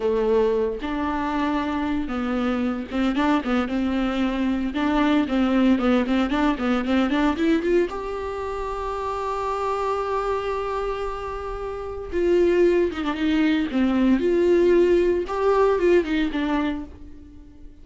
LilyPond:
\new Staff \with { instrumentName = "viola" } { \time 4/4 \tempo 4 = 114 a4. d'2~ d'8 | b4. c'8 d'8 b8 c'4~ | c'4 d'4 c'4 b8 c'8 | d'8 b8 c'8 d'8 e'8 f'8 g'4~ |
g'1~ | g'2. f'4~ | f'8 dis'16 d'16 dis'4 c'4 f'4~ | f'4 g'4 f'8 dis'8 d'4 | }